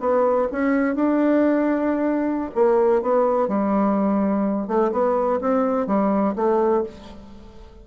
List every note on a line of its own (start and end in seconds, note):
0.00 0.48 B3
0.52 0.95 C#4
0.95 2.51 D4
2.55 3.02 A#3
3.02 3.48 B3
3.48 4.68 G3
4.68 4.92 A3
4.92 5.40 B3
5.41 5.87 C4
5.87 6.35 G3
6.35 6.83 A3